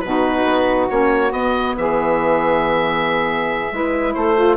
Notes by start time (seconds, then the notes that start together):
0.00 B2 F#4 B4
0.07 D#4
0.45 B3
0.90 A#3 C#4 C#5
1.30 B3 D#5
1.78 E3 G#4 E5
3.71 G#3 E4 B4
4.14 A3 A4 C5
4.36 F4